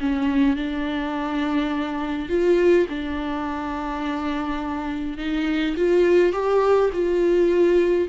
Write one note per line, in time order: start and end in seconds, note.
0.00 0.57 C#4
0.57 2.29 D4
2.29 2.87 F4
2.89 5.18 D4
5.18 5.76 D#4
5.77 6.33 F4
6.33 6.90 G4
6.93 8.08 F4